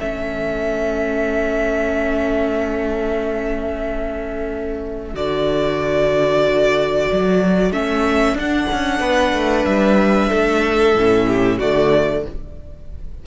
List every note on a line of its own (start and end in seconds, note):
0.00 5.15 A3
0.00 5.15 C#4
0.00 9.01 A4
0.00 5.16 E5
5.15 7.08 D3
5.15 7.73 F#4
5.15 7.73 D5
7.13 7.71 F#3
7.71 8.34 A3
7.71 8.37 C#4
7.71 8.37 E5
8.34 8.67 D4
8.34 10.97 D4
8.34 9.65 F#5
8.73 9.01 C#4
9.01 9.33 B3
9.01 10.30 B4
9.34 9.66 A3
9.65 10.31 G3
9.65 11.59 E5
10.30 10.96 A3
10.30 11.26 A4
10.96 11.60 A2
10.96 11.62 C#4
11.28 11.58 G4
11.58 12.26 D3
11.58 12.27 A3
11.58 12.23 F#4
11.58 12.25 D5